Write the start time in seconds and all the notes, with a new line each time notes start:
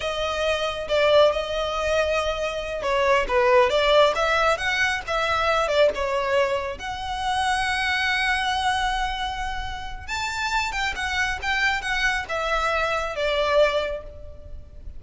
0.00 D#5
0.88 D5
1.32 D#5
2.82 C#5
3.27 B4
3.69 D5
4.15 E5
4.57 F#5
5.07 E5
5.68 D5
5.94 C#5
6.78 F#5
10.07 A5
10.72 G5
10.95 F#5
11.41 G5
11.81 F#5
12.28 E5
13.15 D5